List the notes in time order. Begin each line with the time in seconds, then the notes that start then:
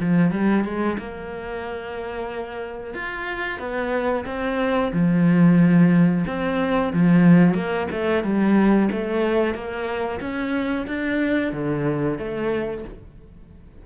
0.00 F3
0.31 G3
0.65 G#3
0.99 A#3
2.94 F4
3.59 B3
4.26 C4
4.93 F3
6.27 C4
6.93 F3
7.54 A#3
7.91 A3
8.24 G3
8.92 A3
9.55 A#3
10.21 C#4
10.87 D4
11.53 D3
12.19 A3